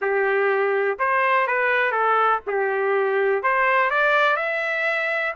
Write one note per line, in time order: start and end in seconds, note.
0.01 0.98 G4
0.98 1.47 C5
1.47 1.91 B4
1.91 2.40 A4
2.46 3.43 G4
3.43 3.90 C5
3.90 4.36 D5
4.36 5.33 E5